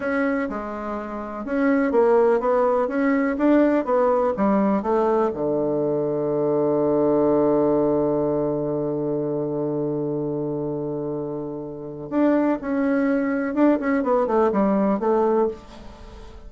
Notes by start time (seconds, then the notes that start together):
0.00 C#4
0.49 G#3
1.45 C#4
1.91 A#3
2.40 B3
2.88 C#4
3.38 D4
3.84 B3
4.37 G3
4.82 A3
5.33 D3
12.10 D4
12.61 C#4
13.54 D4
13.79 C#4
14.03 B3
14.26 A3
14.52 G3
14.99 A3